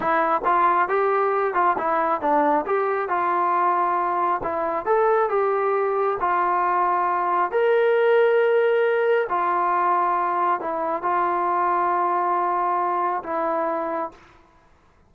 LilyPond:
\new Staff \with { instrumentName = "trombone" } { \time 4/4 \tempo 4 = 136 e'4 f'4 g'4. f'8 | e'4 d'4 g'4 f'4~ | f'2 e'4 a'4 | g'2 f'2~ |
f'4 ais'2.~ | ais'4 f'2. | e'4 f'2.~ | f'2 e'2 | }